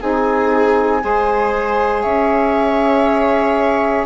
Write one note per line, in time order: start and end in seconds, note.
0.00 1.03 C4
0.00 1.01 D#4
0.00 1.02 G#4
0.00 2.02 G#5
1.01 2.04 G#3
1.01 4.06 G#4
1.01 2.03 C5
2.02 4.06 C#4
2.02 4.06 C#5
2.02 4.05 E5